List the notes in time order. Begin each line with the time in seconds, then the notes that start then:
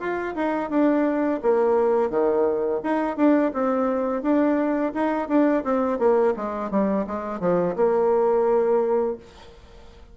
0.00 F4
0.36 D#4
0.71 D4
1.43 A#3
2.10 D#3
2.84 D#4
3.17 D4
3.54 C4
4.23 D4
4.94 D#4
5.29 D4
5.64 C4
5.99 A#3
6.37 G#3
6.71 G3
7.07 G#3
7.41 F3
7.76 A#3